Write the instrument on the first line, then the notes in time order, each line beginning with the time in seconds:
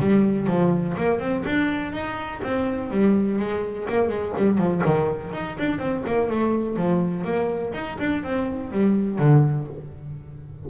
double bass
0.00 G3
0.47 F3
0.97 A#3
1.19 C4
1.45 D4
1.92 D#4
2.43 C4
2.91 G3
3.39 G#3
3.89 A#3
4.09 G#3
4.37 G3
4.58 F3
4.85 D#3
5.33 D#4
5.58 D4
5.79 C4
6.06 A#3
6.30 A3
6.77 F3
7.24 A#3
7.73 D#4
7.99 D4
8.23 C4
8.71 G3
9.18 D3